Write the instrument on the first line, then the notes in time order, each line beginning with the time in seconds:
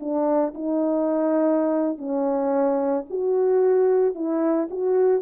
horn
0.00 D4
0.54 D#4
1.98 C#4
3.10 F#4
4.15 E4
4.70 F#4